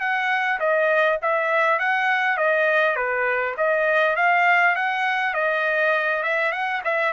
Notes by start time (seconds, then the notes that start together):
0.00 F#5
0.60 D#5
1.22 E5
1.79 F#5
2.37 D#5
2.96 B4
3.57 D#5
4.16 F5
4.76 F#5
5.34 D#5
6.23 E5
6.52 F#5
6.84 E5